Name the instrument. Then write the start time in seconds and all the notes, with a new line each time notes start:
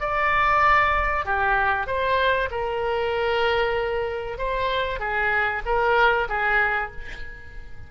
oboe
0.00 D5
1.25 G4
1.87 C5
2.51 A#4
4.38 C5
4.99 G#4
5.65 A#4
6.29 G#4